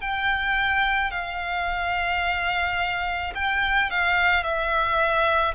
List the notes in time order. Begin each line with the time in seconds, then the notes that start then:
0.00 G5
1.11 F5
3.34 G5
3.90 F5
4.43 E5